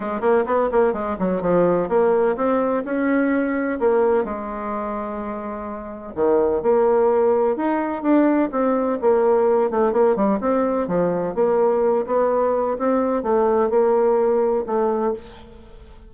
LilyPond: \new Staff \with { instrumentName = "bassoon" } { \time 4/4 \tempo 4 = 127 gis8 ais8 b8 ais8 gis8 fis8 f4 | ais4 c'4 cis'2 | ais4 gis2.~ | gis4 dis4 ais2 |
dis'4 d'4 c'4 ais4~ | ais8 a8 ais8 g8 c'4 f4 | ais4. b4. c'4 | a4 ais2 a4 | }